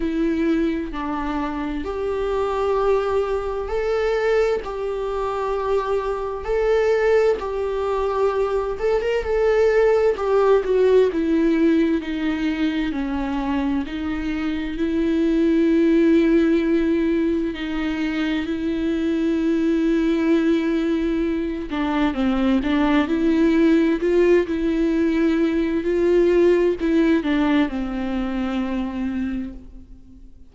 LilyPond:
\new Staff \with { instrumentName = "viola" } { \time 4/4 \tempo 4 = 65 e'4 d'4 g'2 | a'4 g'2 a'4 | g'4. a'16 ais'16 a'4 g'8 fis'8 | e'4 dis'4 cis'4 dis'4 |
e'2. dis'4 | e'2.~ e'8 d'8 | c'8 d'8 e'4 f'8 e'4. | f'4 e'8 d'8 c'2 | }